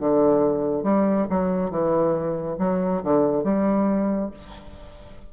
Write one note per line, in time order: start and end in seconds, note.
0.00 0.83 D3
0.83 1.27 G3
1.30 1.70 F#3
1.70 2.57 E3
2.58 3.02 F#3
3.03 3.44 D3
3.44 4.31 G3